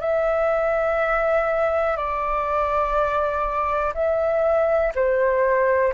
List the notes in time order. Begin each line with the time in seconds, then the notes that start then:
0.00 E5
1.96 D5
3.94 E5
4.95 C5